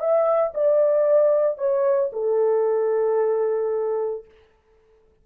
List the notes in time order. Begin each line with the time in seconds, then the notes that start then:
0.00 E5
0.54 D5
1.58 C#5
2.13 A4